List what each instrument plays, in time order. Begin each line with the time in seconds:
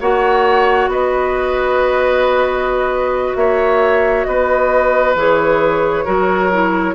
0.00 bassoon A#3, clarinet F#4, oboe C#5, flute F#5
0.87 bassoon B3, oboe B4, flute D#5
3.35 bassoon A#3, oboe C#5, flute E5
4.24 bassoon B3, oboe B4, flute D#5
5.15 bassoon E3, clarinet G#4, flute C#5
6.05 bassoon F#3, clarinet F#4, oboe A#4
6.51 clarinet E4